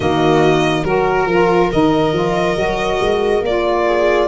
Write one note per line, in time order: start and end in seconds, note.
0.00 0.83 D#3
0.00 0.85 A#3
0.00 0.83 F#4
0.00 0.84 D#5
0.83 1.26 F#3
0.83 1.28 F#4
0.83 1.69 A#4
0.83 3.86 A#4
1.26 1.69 F3
1.26 1.71 F4
1.71 2.12 D#3
1.71 2.13 D#4
1.71 3.43 D#5
2.12 2.55 F3
2.12 2.56 F4
2.56 2.99 F#3
2.56 3.42 F#4
3.01 3.41 G#3
3.41 4.26 A#3
3.41 4.27 F4
3.41 4.27 D5
3.86 4.27 G#4